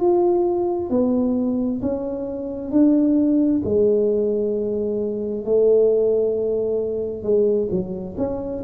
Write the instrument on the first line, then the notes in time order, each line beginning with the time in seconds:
tuba
0.00 F4
0.90 B3
1.82 C#4
2.71 D4
3.65 G#3
5.45 A3
7.23 G#3
7.71 F#3
8.18 C#4